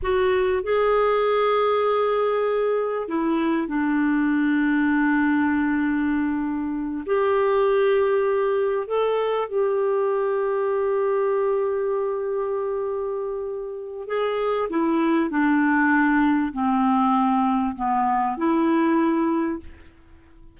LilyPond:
\new Staff \with { instrumentName = "clarinet" } { \time 4/4 \tempo 4 = 98 fis'4 gis'2.~ | gis'4 e'4 d'2~ | d'2.~ d'8 g'8~ | g'2~ g'8 a'4 g'8~ |
g'1~ | g'2. gis'4 | e'4 d'2 c'4~ | c'4 b4 e'2 | }